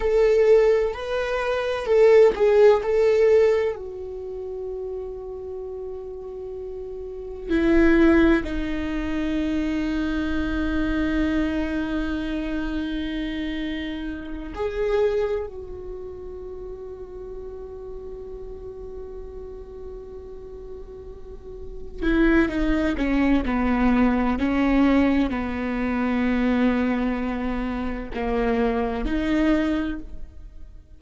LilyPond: \new Staff \with { instrumentName = "viola" } { \time 4/4 \tempo 4 = 64 a'4 b'4 a'8 gis'8 a'4 | fis'1 | e'4 dis'2.~ | dis'2.~ dis'8 gis'8~ |
gis'8 fis'2.~ fis'8~ | fis'2.~ fis'8 e'8 | dis'8 cis'8 b4 cis'4 b4~ | b2 ais4 dis'4 | }